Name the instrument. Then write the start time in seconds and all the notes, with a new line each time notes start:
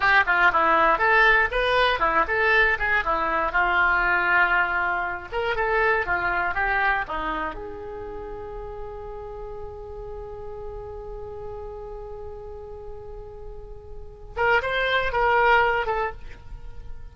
oboe
0.00 G4
0.26 F4
0.52 E4
0.98 A4
1.51 B4
1.99 E4
2.27 A4
2.78 G#4
3.04 E4
3.52 F4
5.32 A#4
5.55 A4
6.06 F4
6.54 G4
7.07 D#4
7.54 G#4
14.36 A#4
14.61 C5
15.12 A#4
15.86 A4